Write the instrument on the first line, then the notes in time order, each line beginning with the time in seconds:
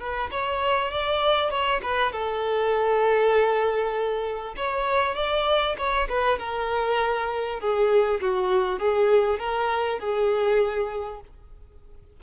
violin
0.00 B4
0.32 C#5
0.92 D5
1.51 C#5
1.83 B4
2.13 A4
4.57 C#5
5.16 D5
5.79 C#5
6.09 B4
6.39 A#4
7.60 G#4
8.21 F#4
8.80 G#4
9.40 A#4
9.99 G#4